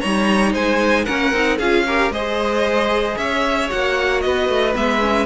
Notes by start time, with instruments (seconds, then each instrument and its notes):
0.00 cello G3, viola D#4, violin C#5 A#5
0.53 cello G#3, violin C5 G#5
1.05 cello A#3, viola C#4, violin A#4 F#5
1.33 cello C4, viola D#4
1.57 cello C#4, viola F4, violin G#4 F5
1.87 viola G4, violin A#4
2.11 cello G#3, viola G#4, violin C5 D#5
3.17 cello C#4, violin C#5 E5
3.69 cello A#3, viola F#4, violin F#5
4.21 cello B3, violin B4 D#5
4.49 cello A3
4.73 cello G#3, viola B3, violin E5
5.01 viola C#4